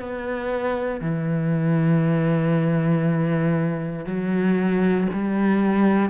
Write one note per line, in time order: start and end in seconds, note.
0.00 1.01 B3
1.01 4.06 E3
4.06 5.08 F#3
5.13 6.10 G3